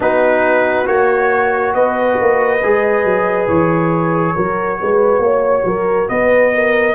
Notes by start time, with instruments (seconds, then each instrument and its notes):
0.00 tuba B3, trombone D#4, horn F#4, trumpet B4
0.85 tuba A#3, trombone F#4, trumpet C#5
1.74 tuba B3, horn B4, trumpet D#5
2.20 tuba A#3
2.63 tuba G#3, trombone G#4
3.04 tuba F#3
3.48 tuba E3, trumpet C#5
4.35 tuba F#3, trombone F#4, horn A#4
4.80 tuba G#3, horn B4
5.18 tuba A#3, horn C#5
5.64 tuba F#3, horn A#4
6.09 tuba B3, horn B4, trumpet D#5
6.54 horn A#4